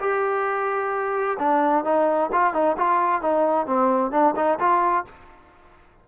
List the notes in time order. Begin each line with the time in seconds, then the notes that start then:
0.00 G4
1.38 D4
1.84 D#4
2.32 F4
2.53 D#4
2.77 F4
3.21 D#4
3.66 C4
4.11 D4
4.36 D#4
4.59 F4